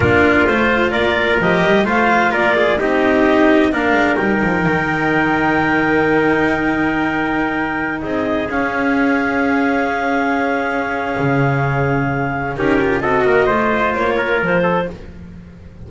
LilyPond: <<
  \new Staff \with { instrumentName = "clarinet" } { \time 4/4 \tempo 4 = 129 ais'4 c''4 d''4 dis''4 | f''4 d''4 dis''2 | f''4 g''2.~ | g''1~ |
g''4~ g''16 dis''4 f''4.~ f''16~ | f''1~ | f''2. ais'4 | dis''2 cis''4 c''4 | }
  \new Staff \with { instrumentName = "trumpet" } { \time 4/4 f'2 ais'2 | c''4 ais'8 gis'8 g'2 | ais'1~ | ais'1~ |
ais'4~ ais'16 gis'2~ gis'8.~ | gis'1~ | gis'2. g'4 | a'8 ais'8 c''4. ais'4 a'8 | }
  \new Staff \with { instrumentName = "cello" } { \time 4/4 d'4 f'2 g'4 | f'2 dis'2 | d'4 dis'2.~ | dis'1~ |
dis'2~ dis'16 cis'4.~ cis'16~ | cis'1~ | cis'2. dis'8 f'8 | fis'4 f'2. | }
  \new Staff \with { instrumentName = "double bass" } { \time 4/4 ais4 a4 ais4 f8 g8 | a4 ais4 c'2 | ais8 gis8 g8 f8 dis2~ | dis1~ |
dis4~ dis16 c'4 cis'4.~ cis'16~ | cis'1 | cis2. cis'4 | c'8 ais8 a4 ais4 f4 | }
>>